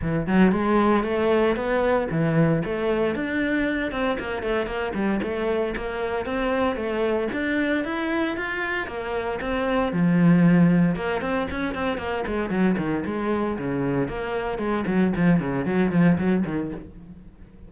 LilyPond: \new Staff \with { instrumentName = "cello" } { \time 4/4 \tempo 4 = 115 e8 fis8 gis4 a4 b4 | e4 a4 d'4. c'8 | ais8 a8 ais8 g8 a4 ais4 | c'4 a4 d'4 e'4 |
f'4 ais4 c'4 f4~ | f4 ais8 c'8 cis'8 c'8 ais8 gis8 | fis8 dis8 gis4 cis4 ais4 | gis8 fis8 f8 cis8 fis8 f8 fis8 dis8 | }